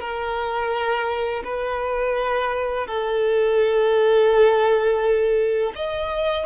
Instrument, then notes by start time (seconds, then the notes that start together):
violin
0.00 A#4
1.44 B4
2.87 A4
5.75 D#5